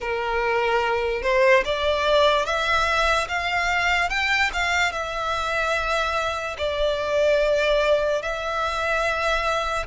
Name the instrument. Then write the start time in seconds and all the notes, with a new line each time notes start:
violin
0.00 A#4
1.22 C5
1.64 D5
2.45 E5
3.28 F5
4.09 G5
4.53 F5
4.91 E5
6.58 D5
8.22 E5